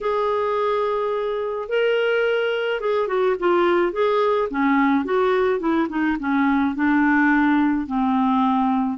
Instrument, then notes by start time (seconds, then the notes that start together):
clarinet
0.00 G#4
1.68 A#4
2.80 G#4
3.07 F#4
3.39 F4
3.92 G#4
4.50 C#4
5.05 F#4
5.59 E4
5.89 D#4
6.19 C#4
6.75 D4
7.86 C4